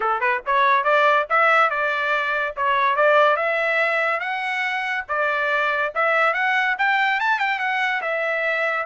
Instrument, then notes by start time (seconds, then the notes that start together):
trumpet
0.00 A4
0.20 B4
0.46 C#5
0.84 D5
1.29 E5
1.70 D5
2.56 C#5
2.96 D5
3.36 E5
4.20 F#5
5.08 D5
5.94 E5
6.33 F#5
6.78 G5
7.19 A5
7.39 G5
7.59 F#5
8.01 E5